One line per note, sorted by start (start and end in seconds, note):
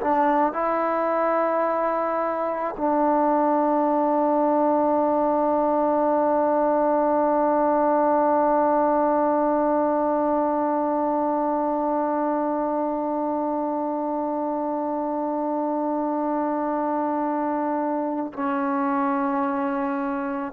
0.00 0.53 D4
0.53 2.75 E4
2.77 18.32 D4
18.33 20.53 C#4